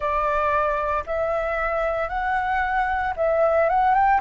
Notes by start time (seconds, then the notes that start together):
0.00 D5
1.06 E5
2.08 F#5
3.16 E5
3.69 F#5
3.94 G5